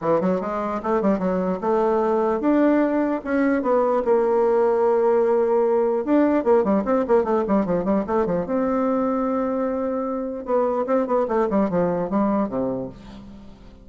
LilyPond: \new Staff \with { instrumentName = "bassoon" } { \time 4/4 \tempo 4 = 149 e8 fis8 gis4 a8 g8 fis4 | a2 d'2 | cis'4 b4 ais2~ | ais2. d'4 |
ais8 g8 c'8 ais8 a8 g8 f8 g8 | a8 f8 c'2.~ | c'2 b4 c'8 b8 | a8 g8 f4 g4 c4 | }